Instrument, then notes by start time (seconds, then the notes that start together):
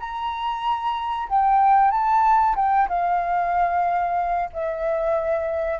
flute
0.00 A#5
1.29 G5
1.91 A5
2.56 G5
2.89 F5
4.53 E5